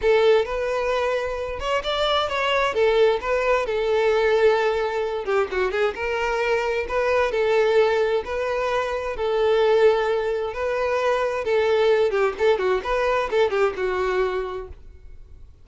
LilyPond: \new Staff \with { instrumentName = "violin" } { \time 4/4 \tempo 4 = 131 a'4 b'2~ b'8 cis''8 | d''4 cis''4 a'4 b'4 | a'2.~ a'8 g'8 | fis'8 gis'8 ais'2 b'4 |
a'2 b'2 | a'2. b'4~ | b'4 a'4. g'8 a'8 fis'8 | b'4 a'8 g'8 fis'2 | }